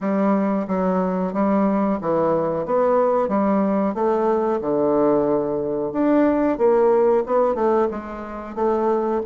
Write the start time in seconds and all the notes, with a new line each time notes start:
0.00 G3
0.67 F#3
1.33 G3
2.01 E3
2.65 B3
3.28 G3
3.94 A3
4.61 D3
5.92 D4
6.58 A#3
7.26 B3
7.55 A3
7.90 G#3
8.55 A3